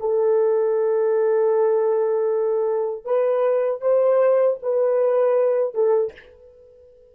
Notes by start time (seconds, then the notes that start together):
0.00 A4
3.05 B4
3.81 C5
4.62 B4
5.74 A4